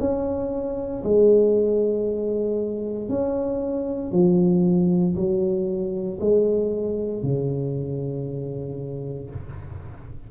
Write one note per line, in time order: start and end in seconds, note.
0.00 1.03 C#4
1.04 3.09 G#3
3.09 4.12 C#4
4.12 5.15 F3
5.16 6.19 F#3
6.21 7.23 G#3
7.23 9.30 C#3